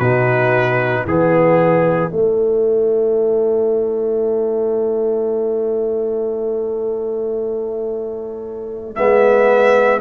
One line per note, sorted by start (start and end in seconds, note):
0.00 1.05 B2
0.00 1.08 D#4
0.00 1.04 F#4
0.00 1.05 B4
1.04 2.11 E3
1.04 2.10 B3
1.04 9.99 E4
1.04 2.12 G#4
2.10 8.94 A3
2.10 8.97 A3
2.10 8.96 C#5
8.96 10.02 G#3
8.96 10.02 B3
8.96 10.01 E5